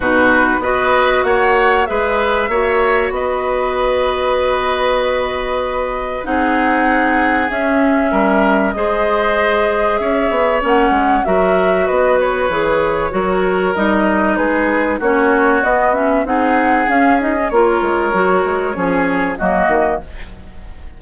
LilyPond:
<<
  \new Staff \with { instrumentName = "flute" } { \time 4/4 \tempo 4 = 96 b'4 dis''4 fis''4 e''4~ | e''4 dis''2.~ | dis''2 fis''2 | e''2 dis''2 |
e''4 fis''4 e''4 dis''8 cis''8~ | cis''2 dis''4 b'4 | cis''4 dis''8 e''8 fis''4 f''8 dis''8 | cis''2. dis''4 | }
  \new Staff \with { instrumentName = "oboe" } { \time 4/4 fis'4 b'4 cis''4 b'4 | cis''4 b'2.~ | b'2 gis'2~ | gis'4 ais'4 c''2 |
cis''2 ais'4 b'4~ | b'4 ais'2 gis'4 | fis'2 gis'2 | ais'2 gis'4 fis'4 | }
  \new Staff \with { instrumentName = "clarinet" } { \time 4/4 dis'4 fis'2 gis'4 | fis'1~ | fis'2 dis'2 | cis'2 gis'2~ |
gis'4 cis'4 fis'2 | gis'4 fis'4 dis'2 | cis'4 b8 cis'8 dis'4 cis'8 dis'16 cis'16 | f'4 fis'4 cis'4 ais4 | }
  \new Staff \with { instrumentName = "bassoon" } { \time 4/4 b,4 b4 ais4 gis4 | ais4 b2.~ | b2 c'2 | cis'4 g4 gis2 |
cis'8 b8 ais8 gis8 fis4 b4 | e4 fis4 g4 gis4 | ais4 b4 c'4 cis'4 | ais8 gis8 fis8 gis8 f4 fis8 dis8 | }
>>